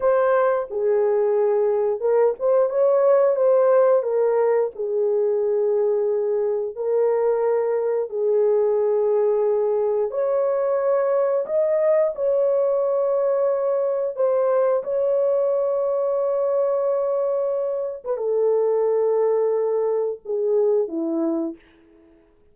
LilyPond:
\new Staff \with { instrumentName = "horn" } { \time 4/4 \tempo 4 = 89 c''4 gis'2 ais'8 c''8 | cis''4 c''4 ais'4 gis'4~ | gis'2 ais'2 | gis'2. cis''4~ |
cis''4 dis''4 cis''2~ | cis''4 c''4 cis''2~ | cis''2~ cis''8. b'16 a'4~ | a'2 gis'4 e'4 | }